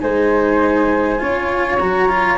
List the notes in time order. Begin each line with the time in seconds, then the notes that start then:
0.00 G#3 D#4 C5 G#5
1.19 C#4 F4 C#5
1.80 F#3 F#4 A#5
2.09 F4